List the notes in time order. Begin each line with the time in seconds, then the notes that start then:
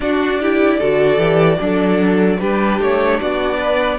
0.00 D4 F#4 D5
0.41 E4 G4
0.78 D3 F#4 A4
1.17 E3 G4
1.59 F#3 D4 A4
2.39 G3 D4 G4 B4
2.79 A3 C#5
3.20 B3 F#4 D5
3.57 B4